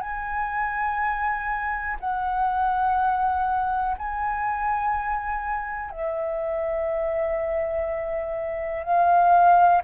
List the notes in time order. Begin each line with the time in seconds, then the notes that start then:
0.00 G#5
1.99 F#5
3.97 G#5
5.91 E5
8.83 F5